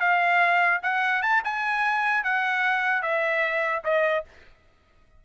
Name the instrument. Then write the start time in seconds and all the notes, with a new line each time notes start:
trumpet
0.00 F5
0.83 F#5
1.22 A5
1.44 G#5
2.24 F#5
3.02 E5
3.85 D#5